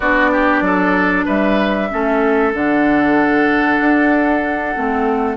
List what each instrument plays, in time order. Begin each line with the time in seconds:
0.00 bassoon B3, clarinet D4, oboe F#4, flute D5
0.31 oboe G4
0.61 bassoon F#3, oboe A4
1.25 bassoon G3, oboe B4, flute E5
1.90 bassoon A3, clarinet C#4, oboe A4
2.52 bassoon D3, clarinet D4, flute F#5
3.79 bassoon D4
4.74 bassoon A3, clarinet C4